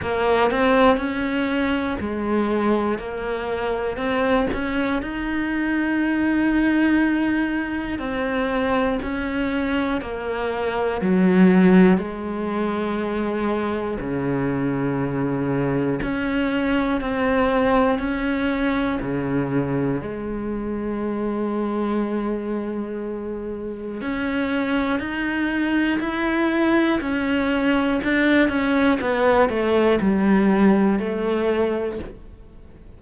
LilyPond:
\new Staff \with { instrumentName = "cello" } { \time 4/4 \tempo 4 = 60 ais8 c'8 cis'4 gis4 ais4 | c'8 cis'8 dis'2. | c'4 cis'4 ais4 fis4 | gis2 cis2 |
cis'4 c'4 cis'4 cis4 | gis1 | cis'4 dis'4 e'4 cis'4 | d'8 cis'8 b8 a8 g4 a4 | }